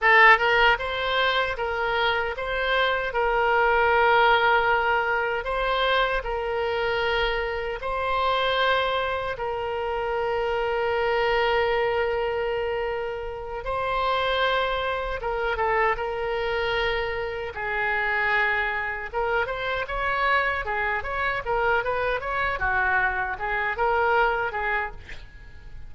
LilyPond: \new Staff \with { instrumentName = "oboe" } { \time 4/4 \tempo 4 = 77 a'8 ais'8 c''4 ais'4 c''4 | ais'2. c''4 | ais'2 c''2 | ais'1~ |
ais'4. c''2 ais'8 | a'8 ais'2 gis'4.~ | gis'8 ais'8 c''8 cis''4 gis'8 cis''8 ais'8 | b'8 cis''8 fis'4 gis'8 ais'4 gis'8 | }